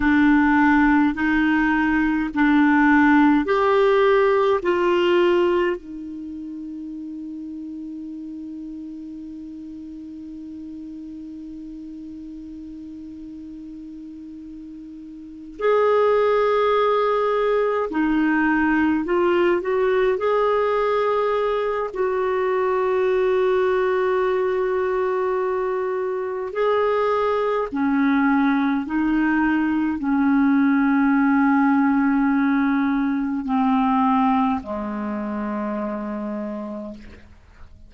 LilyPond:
\new Staff \with { instrumentName = "clarinet" } { \time 4/4 \tempo 4 = 52 d'4 dis'4 d'4 g'4 | f'4 dis'2.~ | dis'1~ | dis'4. gis'2 dis'8~ |
dis'8 f'8 fis'8 gis'4. fis'4~ | fis'2. gis'4 | cis'4 dis'4 cis'2~ | cis'4 c'4 gis2 | }